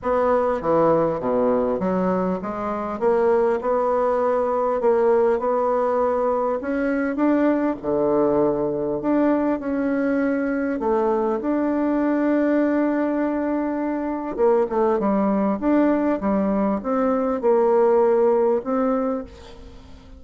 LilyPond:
\new Staff \with { instrumentName = "bassoon" } { \time 4/4 \tempo 4 = 100 b4 e4 b,4 fis4 | gis4 ais4 b2 | ais4 b2 cis'4 | d'4 d2 d'4 |
cis'2 a4 d'4~ | d'1 | ais8 a8 g4 d'4 g4 | c'4 ais2 c'4 | }